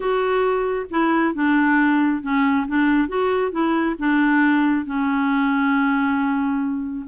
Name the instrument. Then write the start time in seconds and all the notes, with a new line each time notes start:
clarinet
0.00 F#4
0.90 E4
1.34 D4
2.22 C#4
2.67 D4
3.08 F#4
3.51 E4
3.98 D4
4.85 C#4